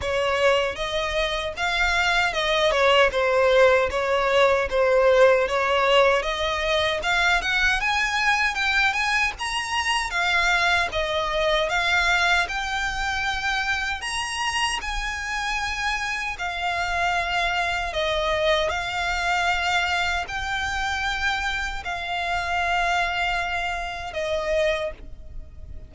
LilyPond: \new Staff \with { instrumentName = "violin" } { \time 4/4 \tempo 4 = 77 cis''4 dis''4 f''4 dis''8 cis''8 | c''4 cis''4 c''4 cis''4 | dis''4 f''8 fis''8 gis''4 g''8 gis''8 | ais''4 f''4 dis''4 f''4 |
g''2 ais''4 gis''4~ | gis''4 f''2 dis''4 | f''2 g''2 | f''2. dis''4 | }